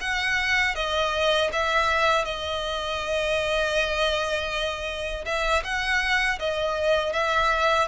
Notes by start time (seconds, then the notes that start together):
0.00 F#5
0.75 D#5
1.52 E5
2.25 D#5
5.25 E5
5.64 F#5
6.39 D#5
7.12 E5